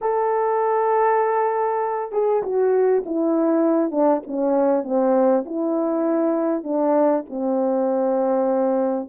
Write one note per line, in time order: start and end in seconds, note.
0.01 2.12 A4
2.12 2.42 G#4
2.42 3.03 F#4
3.05 3.91 E4
3.91 4.21 D4
4.26 4.83 C#4
4.83 5.44 C4
5.45 6.63 E4
6.63 7.24 D4
7.29 9.09 C4